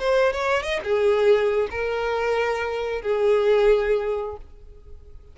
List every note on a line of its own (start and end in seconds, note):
0.00 0.33 C5
0.33 0.63 C#5
0.63 0.80 D#5
0.84 1.69 G#4
1.71 3.02 A#4
3.02 4.37 G#4